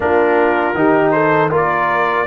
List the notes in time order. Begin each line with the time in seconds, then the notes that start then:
0.00 A#3 D4 F4 A#4
0.74 D#3 D#4 G4
1.11 A4 C5
1.50 A#3 F4 A#4
1.56 D5